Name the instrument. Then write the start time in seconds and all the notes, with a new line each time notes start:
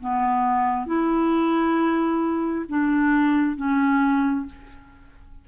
clarinet
0.00 B3
0.86 E4
2.69 D4
3.56 C#4